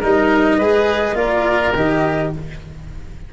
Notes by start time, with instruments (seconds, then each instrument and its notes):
0.00 tuba G3, cello D#4, oboe A#4, flute D#5
0.58 tuba G#3, cello G#4, oboe B4
1.14 tuba A#3, cello F4, oboe A#4, flute D5
1.75 tuba D#3, cello G4, flute D#5